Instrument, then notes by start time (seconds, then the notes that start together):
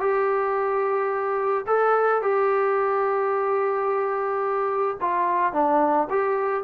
trombone
0.00 G4
1.67 A4
2.22 G4
5.00 F4
5.53 D4
6.10 G4